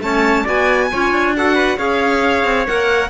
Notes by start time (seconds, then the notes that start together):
0.00 A3 C#4 C#5 A5
0.44 B3 F#4 D5 G#5
0.92 C#4 F4 C#5
1.11 D4
1.36 F#4 A4 F#5
1.55 B4
1.77 C#4 G#4 C#5 F5
2.45 C4
2.67 A#3 A#4 F#5